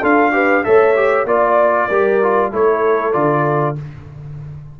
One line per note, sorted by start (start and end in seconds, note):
0.00 0.65 D4
0.00 0.32 F4
0.00 0.31 A4
0.00 0.63 F5
0.32 0.63 G4
0.32 0.65 B4
0.63 1.25 A3
0.63 0.95 A4
0.63 1.26 C#5
0.63 1.26 E5
0.95 1.26 G4
1.25 1.87 A#3
1.25 1.89 F4
1.25 1.88 D5
1.25 2.52 D5
1.88 2.52 G3
1.88 2.22 G4
1.88 2.51 A#4
2.22 2.51 F4
2.51 3.14 A3
2.51 3.12 E4
2.51 3.79 A4
2.51 3.12 C#5
3.12 3.77 D3
3.12 3.75 F4
3.12 3.75 D5